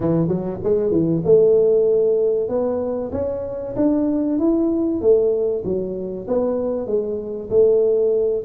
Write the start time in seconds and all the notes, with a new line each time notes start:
0.00 E3
0.28 F#3
0.63 G#3
0.91 E3
1.24 A3
2.48 B3
3.12 C#4
3.76 D4
4.38 E4
5.01 A3
5.64 F#3
6.27 B3
6.87 G#3
7.50 A3